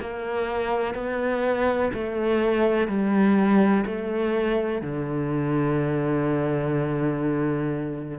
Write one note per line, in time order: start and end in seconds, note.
0.00 0.95 A#3
0.95 1.91 B3
1.94 2.88 A3
2.88 3.84 G3
3.85 4.82 A3
4.82 8.18 D3